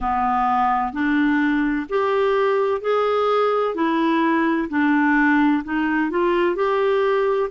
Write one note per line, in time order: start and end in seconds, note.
0.00 0.92 B3
0.92 1.86 D4
1.89 2.81 G4
2.81 3.74 G#4
3.74 4.68 E4
4.69 5.62 D4
5.63 6.10 D#4
6.10 6.55 F4
6.55 7.49 G4